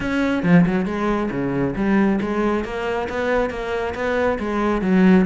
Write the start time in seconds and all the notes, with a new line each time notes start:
0.00 C#4
0.43 F3
0.66 F#3
0.85 G#3
1.31 C#3
1.75 G3
2.21 G#3
2.64 A#3
3.09 B3
3.50 A#3
3.94 B3
4.39 G#3
4.81 F#3